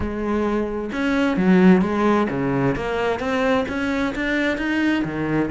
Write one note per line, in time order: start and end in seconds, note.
0.00 0.90 G#3
0.92 1.36 C#4
1.36 1.81 F#3
1.81 2.27 G#3
2.29 2.75 C#3
2.75 3.19 A#3
3.19 3.65 C4
3.68 4.14 C#4
4.15 4.57 D4
4.57 5.03 D#4
5.04 5.50 D#3